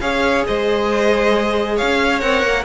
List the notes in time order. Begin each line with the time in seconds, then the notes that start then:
0.00 C#4 G#4 C#5 F5
0.47 G#3 C5 D#5
1.76 C#4 C#5 F5
2.20 C4 A#4 F#5
2.43 A#3